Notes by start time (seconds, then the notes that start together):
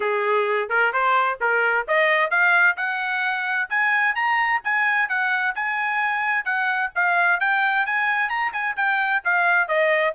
0.00 G#4
0.69 A#4
0.93 C5
1.40 A#4
1.87 D#5
2.30 F5
2.77 F#5
3.69 G#5
4.15 A#5
4.63 G#5
5.08 F#5
5.55 G#5
6.44 F#5
6.95 F5
7.40 G5
7.85 G#5
8.29 A#5
8.53 G#5
8.76 G5
9.24 F5
9.68 D#5